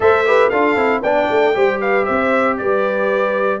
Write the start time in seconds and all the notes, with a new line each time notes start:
0.00 A3 A4 C5 E5
0.26 G4 B4
0.49 D4 F4 A4 F5
0.76 C4 E4
1.02 B3 D4 D5 G5
1.30 A3
1.54 G3 G4 C5
1.80 B4 F5
2.05 C4 C5 E5
2.57 G3 B4 D5